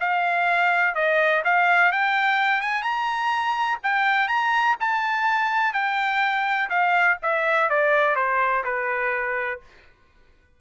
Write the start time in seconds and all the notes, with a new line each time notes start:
0.00 F5
0.95 D#5
1.45 F5
1.92 G5
2.61 G#5
2.82 A#5
3.83 G5
4.28 A#5
4.80 A5
5.73 G5
6.70 F5
7.22 E5
7.70 D5
8.16 C5
8.64 B4